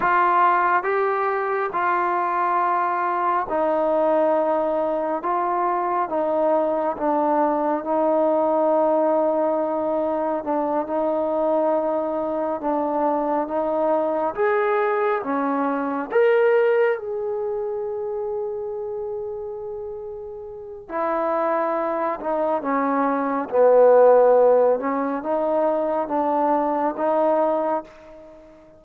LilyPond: \new Staff \with { instrumentName = "trombone" } { \time 4/4 \tempo 4 = 69 f'4 g'4 f'2 | dis'2 f'4 dis'4 | d'4 dis'2. | d'8 dis'2 d'4 dis'8~ |
dis'8 gis'4 cis'4 ais'4 gis'8~ | gis'1 | e'4. dis'8 cis'4 b4~ | b8 cis'8 dis'4 d'4 dis'4 | }